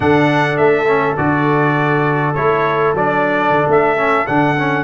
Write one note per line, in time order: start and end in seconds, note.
0.00 0.57 D3
0.00 0.84 D4
0.00 4.84 A4
0.00 0.57 F#5
0.57 1.16 A3
0.57 1.16 E5
0.87 1.17 C#4
1.16 2.35 D3
1.16 2.34 F#4
1.16 2.34 D5
2.34 2.94 A3
2.34 2.95 E4
2.34 2.93 C#5
2.94 3.50 F#3
2.94 3.96 D4
2.94 3.69 D5
3.50 3.65 D3
3.67 4.26 A3
3.67 4.26 E5
3.96 4.26 C#4
4.26 4.84 D3
4.26 4.56 D4
4.26 4.84 F#5
4.58 4.84 C#4